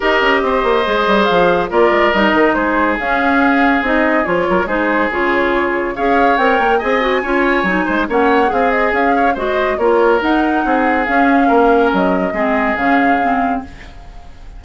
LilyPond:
<<
  \new Staff \with { instrumentName = "flute" } { \time 4/4 \tempo 4 = 141 dis''2. f''4 | d''4 dis''4 c''4 f''4~ | f''4 dis''4 cis''4 c''4 | cis''2 f''4 g''4 |
gis''2. fis''4 | f''8 dis''8 f''4 dis''4 cis''4 | fis''2 f''2 | dis''2 f''2 | }
  \new Staff \with { instrumentName = "oboe" } { \time 4/4 ais'4 c''2. | ais'2 gis'2~ | gis'2~ gis'8 ais'8 gis'4~ | gis'2 cis''2 |
dis''4 cis''4. c''8 cis''4 | gis'4. cis''8 c''4 ais'4~ | ais'4 gis'2 ais'4~ | ais'4 gis'2. | }
  \new Staff \with { instrumentName = "clarinet" } { \time 4/4 g'2 gis'2 | f'4 dis'2 cis'4~ | cis'4 dis'4 f'4 dis'4 | f'2 gis'4 ais'4 |
gis'8 fis'8 f'4 dis'4 cis'4 | gis'2 fis'4 f'4 | dis'2 cis'2~ | cis'4 c'4 cis'4 c'4 | }
  \new Staff \with { instrumentName = "bassoon" } { \time 4/4 dis'8 cis'8 c'8 ais8 gis8 g8 f4 | ais8 gis8 g8 dis8 gis4 cis'4~ | cis'4 c'4 f8 fis8 gis4 | cis2 cis'4 c'8 ais8 |
c'4 cis'4 fis8 gis8 ais4 | c'4 cis'4 gis4 ais4 | dis'4 c'4 cis'4 ais4 | fis4 gis4 cis2 | }
>>